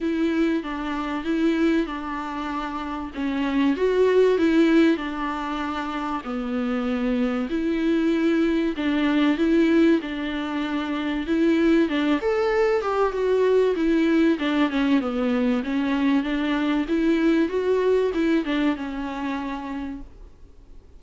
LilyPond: \new Staff \with { instrumentName = "viola" } { \time 4/4 \tempo 4 = 96 e'4 d'4 e'4 d'4~ | d'4 cis'4 fis'4 e'4 | d'2 b2 | e'2 d'4 e'4 |
d'2 e'4 d'8 a'8~ | a'8 g'8 fis'4 e'4 d'8 cis'8 | b4 cis'4 d'4 e'4 | fis'4 e'8 d'8 cis'2 | }